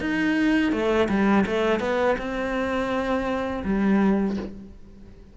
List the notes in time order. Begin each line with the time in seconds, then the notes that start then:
0.00 D#4
0.72 A3
1.09 G3
1.46 A3
1.80 B3
2.18 C4
3.64 G3